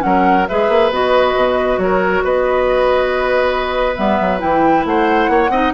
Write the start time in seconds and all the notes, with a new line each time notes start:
0.00 F#3 C#4 A#4 F#5
0.48 G#3 G#4 B4 E5
0.69 A#3
0.91 B3 F#4 D#5
1.35 B2
1.79 F#3 A#4 C#5
2.24 B3 B4 D#5
3.96 G3 B3 E5
4.21 F#3
4.39 E3 E4 G5
4.85 A3 C5 F#5
5.29 A#3 C#5
5.50 C4 D#4 D#5